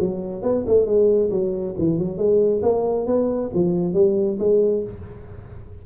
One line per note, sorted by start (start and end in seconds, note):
0.00 0.43 F#3
0.43 0.65 B3
0.67 0.87 A3
0.87 1.31 G#3
1.31 1.75 F#3
1.79 1.99 E3
1.99 2.18 F#3
2.18 2.62 G#3
2.63 3.07 A#3
3.07 3.51 B3
3.55 3.94 F3
3.94 4.38 G3
4.40 4.84 G#3